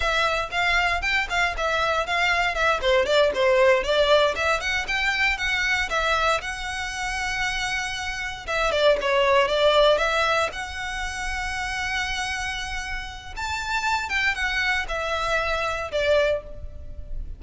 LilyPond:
\new Staff \with { instrumentName = "violin" } { \time 4/4 \tempo 4 = 117 e''4 f''4 g''8 f''8 e''4 | f''4 e''8 c''8 d''8 c''4 d''8~ | d''8 e''8 fis''8 g''4 fis''4 e''8~ | e''8 fis''2.~ fis''8~ |
fis''8 e''8 d''8 cis''4 d''4 e''8~ | e''8 fis''2.~ fis''8~ | fis''2 a''4. g''8 | fis''4 e''2 d''4 | }